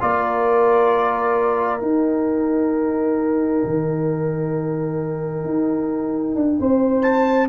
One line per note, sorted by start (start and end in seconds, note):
0.00 1.81 A#3
0.00 1.80 F4
0.00 6.59 A#4
0.00 1.81 D5
1.80 7.48 D#4
1.80 3.63 D#4
1.80 7.02 G5
3.64 5.44 D#3
5.44 6.35 D#4
6.35 6.58 D4
6.59 7.48 C4
6.59 7.48 C5
7.02 7.47 A5